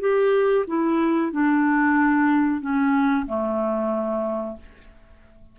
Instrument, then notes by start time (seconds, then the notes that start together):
clarinet
0.00 G4
0.67 E4
1.32 D4
2.61 C#4
3.26 A3